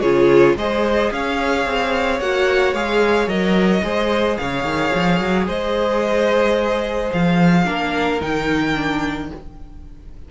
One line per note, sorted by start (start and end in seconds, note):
0.00 0.55 C#3
0.00 0.57 F4
0.00 0.55 G#4
0.00 0.55 C#5
0.55 1.10 G#3
0.55 2.21 G#4
0.55 1.12 C5
0.55 1.12 D#5
1.11 1.65 C#4
1.11 3.84 C#5
1.11 2.19 F5
1.65 2.19 C4
2.19 2.73 A#3
2.19 2.75 F#4
2.19 2.73 F#5
2.73 3.27 G#3
2.73 3.27 G#4
2.73 3.28 F5
3.27 3.81 F#3
3.27 3.82 A#4
3.27 4.37 D#5
3.83 4.38 G#3
3.83 7.64 G#4
3.83 4.38 C5
4.37 4.63 C#3
4.37 5.46 C#5
4.37 5.46 F5
4.63 4.90 D#3
4.95 5.20 F3
5.20 5.46 F#3
5.46 7.10 G#3
5.46 7.64 C5
5.46 7.12 D#5
7.12 7.66 F3
7.12 8.21 F5
7.64 8.21 A#3
7.64 8.19 D4
7.64 9.28 A#4
8.20 9.31 D#3
8.20 8.74 D#4
8.20 9.30 G5
8.74 9.29 D4